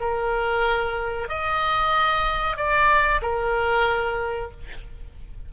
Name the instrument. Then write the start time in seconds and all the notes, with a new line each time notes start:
oboe
0.00 A#4
1.28 D#5
2.56 D5
3.21 A#4